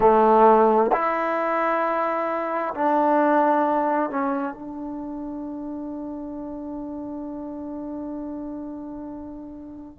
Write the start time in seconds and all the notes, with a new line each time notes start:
0.00 A3
0.92 E4
2.74 D4
4.10 C#4
4.53 D4